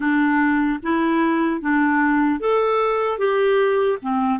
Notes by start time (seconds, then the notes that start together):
0.00 D4
0.82 E4
1.61 D4
2.40 A4
3.18 G4
4.02 C4